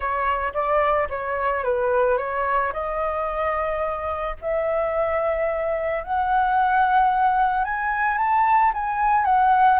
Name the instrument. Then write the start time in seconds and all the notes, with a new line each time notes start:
flute
0.00 C#5
0.53 D5
1.09 C#5
1.63 B4
2.17 C#5
2.72 D#5
4.41 E5
6.03 F#5
7.64 G#5
8.17 A5
8.73 G#5
9.25 F#5